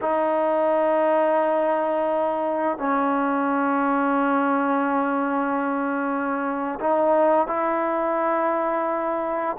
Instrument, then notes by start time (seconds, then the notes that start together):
trombone
0.01 D#4
2.77 C#4
6.80 D#4
7.47 E4